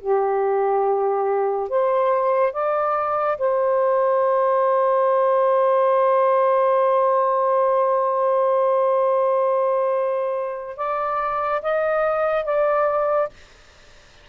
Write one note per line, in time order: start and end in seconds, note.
0.00 1.69 G4
1.69 2.53 C5
2.53 3.37 D5
3.38 10.77 C5
10.77 11.61 D5
11.62 12.45 D#5
12.45 13.29 D5